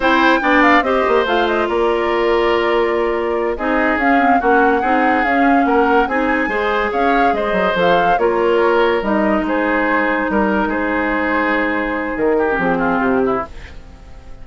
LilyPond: <<
  \new Staff \with { instrumentName = "flute" } { \time 4/4 \tempo 4 = 143 g''4. f''8 dis''4 f''8 dis''8 | d''1~ | d''8 dis''4 f''4 fis''4.~ | fis''8 f''4 fis''4 gis''4.~ |
gis''8 f''4 dis''4 f''4 cis''8~ | cis''4. dis''4 c''4.~ | c''8 ais'4 c''2~ c''8~ | c''4 ais'4 gis'4 g'4 | }
  \new Staff \with { instrumentName = "oboe" } { \time 4/4 c''4 d''4 c''2 | ais'1~ | ais'8 gis'2 fis'4 gis'8~ | gis'4. ais'4 gis'4 c''8~ |
c''8 cis''4 c''2 ais'8~ | ais'2~ ais'8 gis'4.~ | gis'8 ais'4 gis'2~ gis'8~ | gis'4. g'4 f'4 e'8 | }
  \new Staff \with { instrumentName = "clarinet" } { \time 4/4 e'4 d'4 g'4 f'4~ | f'1~ | f'8 dis'4 cis'8 c'8 cis'4 dis'8~ | dis'8 cis'2 dis'4 gis'8~ |
gis'2~ gis'8 a'4 f'8~ | f'4. dis'2~ dis'8~ | dis'1~ | dis'4.~ dis'16 cis'16 c'2 | }
  \new Staff \with { instrumentName = "bassoon" } { \time 4/4 c'4 b4 c'8 ais8 a4 | ais1~ | ais8 c'4 cis'4 ais4 c'8~ | c'8 cis'4 ais4 c'4 gis8~ |
gis8 cis'4 gis8 fis8 f4 ais8~ | ais4. g4 gis4.~ | gis8 g4 gis2~ gis8~ | gis4 dis4 f4 c4 | }
>>